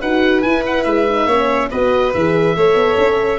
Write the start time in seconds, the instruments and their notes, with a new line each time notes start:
0.00 tuba D#4, horn F#4, violin B4, oboe F#5
0.41 tuba E4, horn E4, oboe G#5
0.65 oboe F#5
0.83 tuba G#3, oboe E5
1.08 horn D#4
1.26 tuba A#3, horn C#4, violin C#5
1.70 tuba B3, horn F#4, violin B4, oboe D#5
2.13 tuba E3, horn G#4, oboe E5
2.56 tuba A3, horn A4, violin C#5
2.74 tuba B3
2.97 tuba C#4